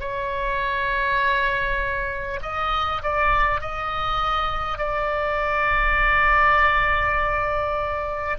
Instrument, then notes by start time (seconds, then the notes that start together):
oboe
0.00 C#5
2.42 D#5
3.03 D5
3.61 D#5
4.78 D5